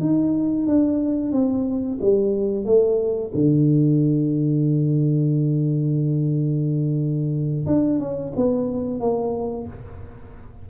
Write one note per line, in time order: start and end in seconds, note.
0.00 0.67 D#4
0.67 1.32 D4
1.32 1.98 C4
2.01 2.65 G3
2.65 3.32 A3
3.34 7.66 D3
7.66 7.99 D4
7.99 8.33 C#4
8.36 9.00 B3
9.00 9.67 A#3